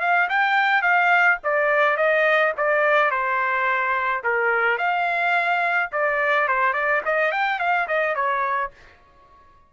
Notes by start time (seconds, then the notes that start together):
0.00 F5
0.29 G5
0.82 F5
1.43 D5
1.97 D#5
2.57 D5
3.10 C5
4.23 A#4
4.77 F5
5.92 D5
6.48 C5
6.73 D5
7.05 D#5
7.32 G5
7.59 F5
7.87 D#5
8.15 C#5